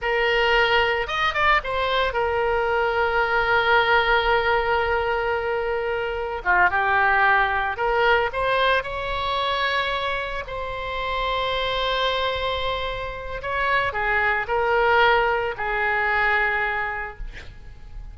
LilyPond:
\new Staff \with { instrumentName = "oboe" } { \time 4/4 \tempo 4 = 112 ais'2 dis''8 d''8 c''4 | ais'1~ | ais'1 | f'8 g'2 ais'4 c''8~ |
c''8 cis''2. c''8~ | c''1~ | c''4 cis''4 gis'4 ais'4~ | ais'4 gis'2. | }